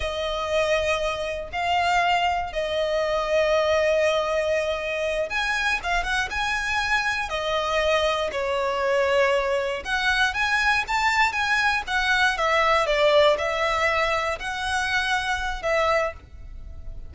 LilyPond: \new Staff \with { instrumentName = "violin" } { \time 4/4 \tempo 4 = 119 dis''2. f''4~ | f''4 dis''2.~ | dis''2~ dis''8 gis''4 f''8 | fis''8 gis''2 dis''4.~ |
dis''8 cis''2. fis''8~ | fis''8 gis''4 a''4 gis''4 fis''8~ | fis''8 e''4 d''4 e''4.~ | e''8 fis''2~ fis''8 e''4 | }